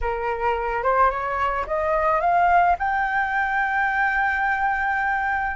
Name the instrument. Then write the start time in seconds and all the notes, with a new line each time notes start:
flute
0.01 A#4
0.83 C5
1.10 C#5
1.66 D#5
2.20 F5
2.78 G5